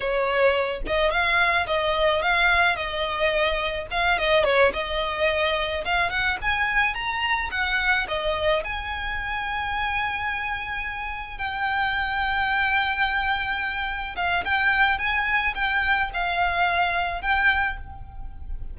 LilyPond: \new Staff \with { instrumentName = "violin" } { \time 4/4 \tempo 4 = 108 cis''4. dis''8 f''4 dis''4 | f''4 dis''2 f''8 dis''8 | cis''8 dis''2 f''8 fis''8 gis''8~ | gis''8 ais''4 fis''4 dis''4 gis''8~ |
gis''1~ | gis''8 g''2.~ g''8~ | g''4. f''8 g''4 gis''4 | g''4 f''2 g''4 | }